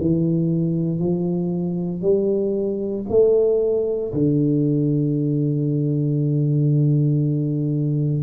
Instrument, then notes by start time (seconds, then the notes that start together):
tuba
0.00 E3
0.99 F3
2.01 G3
3.09 A3
4.13 D3